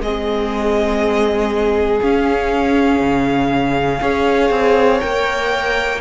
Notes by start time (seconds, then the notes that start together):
0.00 G#3 C4 G#4 D#5
2.01 C#4 F5
3.00 C#3
4.01 C#4 G#4 C#5
4.50 C4
5.00 A#3 A#4 G5